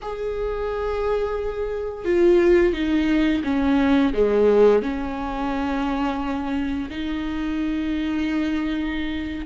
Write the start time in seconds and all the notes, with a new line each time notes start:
0.02 G#4
2.04 F4
2.73 D#4
3.44 C#4
4.13 G#3
4.82 C#4
6.90 D#4